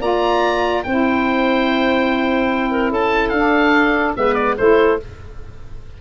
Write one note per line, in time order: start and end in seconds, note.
0.00 0.83 A#3
0.00 0.83 F4
0.00 0.83 D5
0.00 0.83 A#5
0.83 2.91 C4
0.83 3.35 E4
0.83 2.71 C5
0.83 2.90 G5
2.71 2.91 A#4
2.91 3.31 C#4
2.91 4.15 A4
2.91 3.29 A5
3.29 4.14 D4
3.29 4.12 F5
3.35 4.16 D4
4.16 4.58 G#3
4.16 4.57 B3
4.16 4.57 B4
4.16 4.34 E5
4.34 4.55 D5
4.57 5.01 A3
4.57 5.00 E4
4.57 4.99 A4
4.57 4.98 C5